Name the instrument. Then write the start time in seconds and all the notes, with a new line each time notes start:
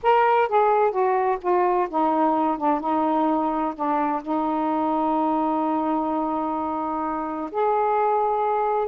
saxophone
0.02 A#4
0.48 G#4
0.91 F#4
1.41 F4
1.89 D#4
2.57 D4
2.80 D#4
3.75 D4
4.22 D#4
7.51 G#4